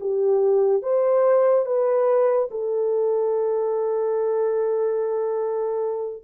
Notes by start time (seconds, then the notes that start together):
0.00 G4
0.82 C5
1.65 B4
2.50 A4